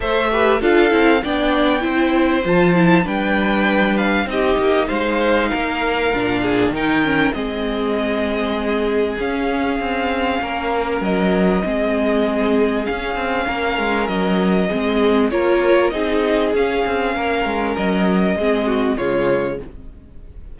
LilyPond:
<<
  \new Staff \with { instrumentName = "violin" } { \time 4/4 \tempo 4 = 98 e''4 f''4 g''2 | a''4 g''4. f''8 dis''4 | f''2. g''4 | dis''2. f''4~ |
f''2 dis''2~ | dis''4 f''2 dis''4~ | dis''4 cis''4 dis''4 f''4~ | f''4 dis''2 cis''4 | }
  \new Staff \with { instrumentName = "violin" } { \time 4/4 c''8 b'8 a'4 d''4 c''4~ | c''4 b'2 g'4 | c''4 ais'4. gis'8 ais'4 | gis'1~ |
gis'4 ais'2 gis'4~ | gis'2 ais'2 | gis'4 ais'4 gis'2 | ais'2 gis'8 fis'8 f'4 | }
  \new Staff \with { instrumentName = "viola" } { \time 4/4 a'8 g'8 f'8 e'8 d'4 e'4 | f'8 e'8 d'2 dis'4~ | dis'2 d'4 dis'8 cis'8 | c'2. cis'4~ |
cis'2. c'4~ | c'4 cis'2. | c'4 f'4 dis'4 cis'4~ | cis'2 c'4 gis4 | }
  \new Staff \with { instrumentName = "cello" } { \time 4/4 a4 d'8 c'8 b4 c'4 | f4 g2 c'8 ais8 | gis4 ais4 ais,4 dis4 | gis2. cis'4 |
c'4 ais4 fis4 gis4~ | gis4 cis'8 c'8 ais8 gis8 fis4 | gis4 ais4 c'4 cis'8 c'8 | ais8 gis8 fis4 gis4 cis4 | }
>>